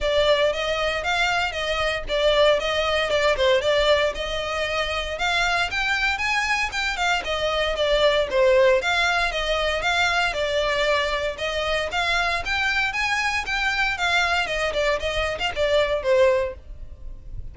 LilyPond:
\new Staff \with { instrumentName = "violin" } { \time 4/4 \tempo 4 = 116 d''4 dis''4 f''4 dis''4 | d''4 dis''4 d''8 c''8 d''4 | dis''2 f''4 g''4 | gis''4 g''8 f''8 dis''4 d''4 |
c''4 f''4 dis''4 f''4 | d''2 dis''4 f''4 | g''4 gis''4 g''4 f''4 | dis''8 d''8 dis''8. f''16 d''4 c''4 | }